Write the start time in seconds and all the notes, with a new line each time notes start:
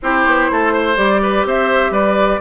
0.02 C4 E4 G4 C5
0.26 B3
0.51 A3 A4
0.72 C5
0.96 G3 G4 D5
1.22 B4
1.45 C4 C5 E5
1.90 G3 B4 D5